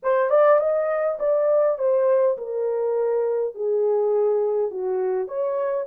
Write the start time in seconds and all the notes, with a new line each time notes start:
0.02 C5
0.30 D5
0.59 D#5
1.19 D5
1.78 C5
2.37 A#4
3.55 G#4
4.70 F#4
5.28 C#5